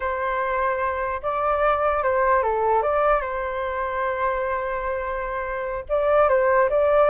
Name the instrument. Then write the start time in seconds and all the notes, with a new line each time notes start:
flute
0.00 C5
1.22 D5
2.03 C5
2.42 A4
2.82 D5
3.21 C5
5.88 D5
6.28 C5
6.69 D5